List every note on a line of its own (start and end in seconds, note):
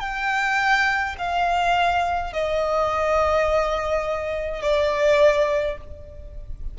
0.00 1.15 G5
1.19 2.33 F5
2.33 4.62 D#5
4.62 5.77 D5